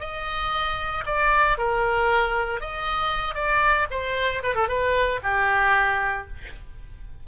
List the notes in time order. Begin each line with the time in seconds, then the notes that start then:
0.00 D#5
1.06 D5
1.58 A#4
2.61 D#5
3.35 D5
3.91 C5
4.43 B4
4.55 A4
4.68 B4
5.23 G4